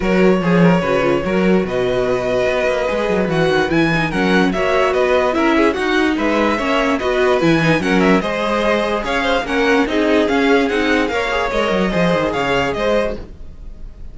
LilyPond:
<<
  \new Staff \with { instrumentName = "violin" } { \time 4/4 \tempo 4 = 146 cis''1 | dis''1 | fis''4 gis''4 fis''4 e''4 | dis''4 e''4 fis''4 e''4~ |
e''4 dis''4 gis''4 fis''8 e''8 | dis''2 f''4 fis''4 | dis''4 f''4 fis''4 f''4 | dis''2 f''4 dis''4 | }
  \new Staff \with { instrumentName = "violin" } { \time 4/4 ais'4 gis'8 ais'8 b'4 ais'4 | b'1~ | b'2 ais'4 cis''4 | b'4 ais'8 gis'8 fis'4 b'4 |
cis''4 b'2 ais'4 | c''2 cis''8 c''8 ais'4 | gis'2. cis''4~ | cis''4 c''4 cis''4 c''4 | }
  \new Staff \with { instrumentName = "viola" } { \time 4/4 fis'4 gis'4 fis'8 f'8 fis'4~ | fis'2. gis'4 | fis'4 e'8 dis'8 cis'4 fis'4~ | fis'4 e'4 dis'2 |
cis'4 fis'4 e'8 dis'8 cis'4 | gis'2. cis'4 | dis'4 cis'4 dis'4 ais'8 gis'8 | ais'4 gis'2~ gis'8. fis'16 | }
  \new Staff \with { instrumentName = "cello" } { \time 4/4 fis4 f4 cis4 fis4 | b,2 b8 ais8 gis8 fis8 | e8 dis8 e4 fis4 ais4 | b4 cis'4 dis'4 gis4 |
ais4 b4 e4 fis4 | gis2 cis'4 ais4 | c'4 cis'4 c'4 ais4 | gis8 fis8 f8 dis8 cis4 gis4 | }
>>